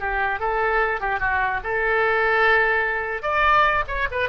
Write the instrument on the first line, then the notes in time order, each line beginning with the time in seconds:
oboe
0.00 G4
0.40 A4
1.01 G4
1.20 F#4
1.64 A4
3.23 D5
3.88 C#5
4.12 B4